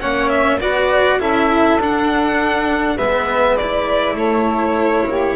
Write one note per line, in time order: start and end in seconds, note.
0.00 0.60 A#3
0.00 0.60 C#4
0.00 0.59 C#5
0.00 0.29 F#5
0.29 0.58 E5
0.60 1.19 B3
0.60 1.19 F#4
0.60 1.19 B4
0.60 1.20 D5
1.19 1.78 C#4
1.19 1.79 E4
1.19 2.96 A4
1.19 1.80 E5
1.78 2.97 D4
1.78 2.98 D4
1.78 2.98 F#5
2.96 4.13 G#3
2.96 3.58 B3
2.96 4.15 B4
2.96 3.57 E5
3.57 5.36 E4
3.57 4.16 D5
4.13 5.02 A3
4.13 5.06 A4
4.13 5.36 C#5
5.07 5.36 A#3
5.07 5.36 G4